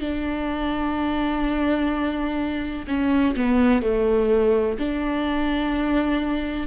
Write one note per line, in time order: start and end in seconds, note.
0.00 2.86 D4
2.88 3.35 C#4
3.36 3.82 B3
3.82 4.77 A3
4.79 6.67 D4